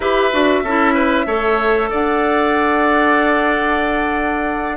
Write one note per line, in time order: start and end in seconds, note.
0.00 0.31 E4
0.00 0.31 G4
0.00 0.62 B4
0.00 1.90 E5
0.31 0.63 D4
0.31 0.63 F#4
0.63 1.26 C#4
0.63 1.26 E4
0.63 0.94 A4
0.94 1.26 B4
1.26 1.90 A3
1.26 4.77 A4
1.26 1.89 C#5
1.89 4.77 D4
1.89 4.77 D5
1.89 4.77 F#5